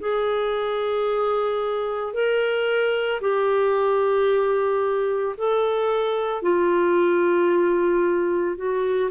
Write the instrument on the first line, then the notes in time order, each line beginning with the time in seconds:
clarinet
0.00 G#4
2.14 A#4
3.21 G4
5.38 A4
6.42 F4
8.57 F#4